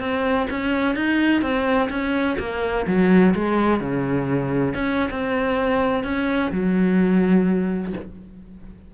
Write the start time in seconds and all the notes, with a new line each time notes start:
0.00 C4
0.50 C#4
0.96 D#4
1.42 C4
1.90 C#4
2.39 A#3
2.87 F#3
3.35 G#3
3.80 C#3
4.75 C#4
5.11 C4
6.04 C#4
6.52 F#3